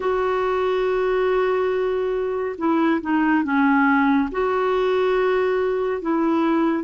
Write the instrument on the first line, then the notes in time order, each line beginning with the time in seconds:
clarinet
0.00 F#4
2.58 E4
3.01 D#4
3.43 C#4
4.31 F#4
6.01 E4